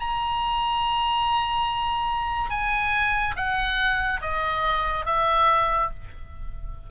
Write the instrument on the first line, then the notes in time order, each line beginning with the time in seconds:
oboe
0.00 A#5
2.51 G#5
3.36 F#5
4.22 D#5
5.06 E5